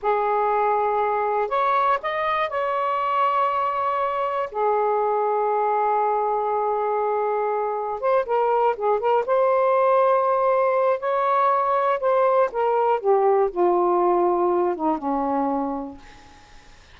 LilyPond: \new Staff \with { instrumentName = "saxophone" } { \time 4/4 \tempo 4 = 120 gis'2. cis''4 | dis''4 cis''2.~ | cis''4 gis'2.~ | gis'1 |
c''8 ais'4 gis'8 ais'8 c''4.~ | c''2 cis''2 | c''4 ais'4 g'4 f'4~ | f'4. dis'8 cis'2 | }